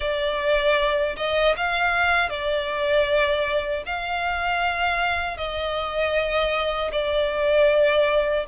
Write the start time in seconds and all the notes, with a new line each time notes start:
0.00 D5
1.16 D#5
1.57 F5
2.29 D5
3.86 F5
5.37 D#5
6.92 D5